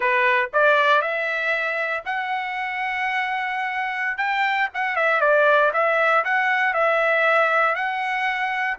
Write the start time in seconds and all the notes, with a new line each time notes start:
0.00 B4
0.53 D5
1.01 E5
2.05 F#5
4.17 G5
4.74 F#5
4.96 E5
5.20 D5
5.73 E5
6.24 F#5
6.73 E5
7.75 F#5